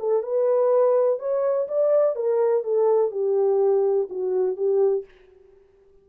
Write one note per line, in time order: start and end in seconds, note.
0.00 0.23 A4
0.23 1.20 B4
1.20 1.68 C#5
1.68 2.16 D5
2.16 2.64 A#4
2.64 3.11 A4
3.11 4.08 G4
4.10 4.57 F#4
4.57 5.05 G4